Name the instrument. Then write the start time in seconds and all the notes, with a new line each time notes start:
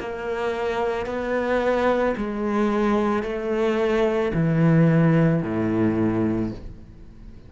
cello
0.00 A#3
1.06 B3
2.17 G#3
3.23 A3
4.34 E3
5.43 A2